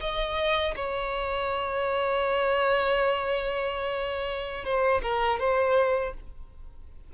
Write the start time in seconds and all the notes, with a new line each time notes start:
0.00 D#5
0.75 C#5
4.64 C5
5.02 A#4
5.39 C5